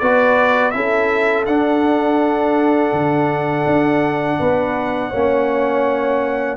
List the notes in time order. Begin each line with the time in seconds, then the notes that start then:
0.00 B3 F#4 B4 D5
0.71 C#4 E4 A4 E5
1.46 D4 F#5
2.93 D3
3.66 D4
4.39 B3 B4
5.10 A#3 C#4 C#5